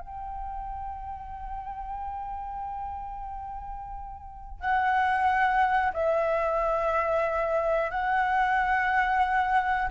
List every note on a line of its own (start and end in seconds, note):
0.00 4.60 G5
4.60 5.92 F#5
5.93 7.90 E5
7.90 9.88 F#5